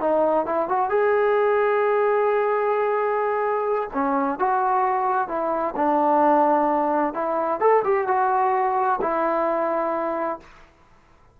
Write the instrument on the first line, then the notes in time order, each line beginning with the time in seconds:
trombone
0.00 D#4
0.46 E4
0.69 F#4
0.89 G#4
3.93 C#4
4.39 F#4
5.28 E4
5.76 D4
7.14 E4
7.60 A4
7.84 G4
8.07 F#4
9.01 E4